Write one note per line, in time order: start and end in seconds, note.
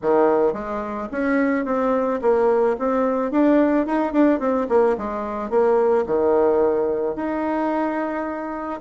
0.02 0.53 D#3
0.53 1.08 G#3
1.11 1.65 C#4
1.65 2.20 C4
2.21 2.76 A#3
2.78 3.31 C4
3.31 3.86 D4
3.86 4.13 D#4
4.13 4.39 D4
4.39 4.67 C4
4.68 4.96 A#3
4.97 5.49 G#3
5.49 6.05 A#3
6.06 7.15 D#3
7.15 8.80 D#4